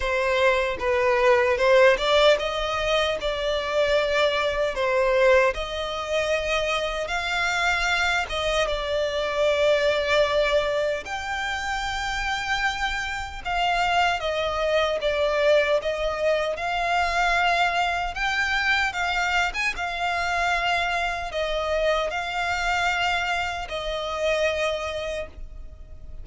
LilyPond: \new Staff \with { instrumentName = "violin" } { \time 4/4 \tempo 4 = 76 c''4 b'4 c''8 d''8 dis''4 | d''2 c''4 dis''4~ | dis''4 f''4. dis''8 d''4~ | d''2 g''2~ |
g''4 f''4 dis''4 d''4 | dis''4 f''2 g''4 | f''8. gis''16 f''2 dis''4 | f''2 dis''2 | }